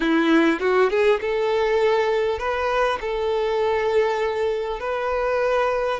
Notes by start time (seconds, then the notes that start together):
0.00 E4
0.60 F#4
0.90 G#4
1.20 A4
2.38 B4
3.00 A4
4.80 B4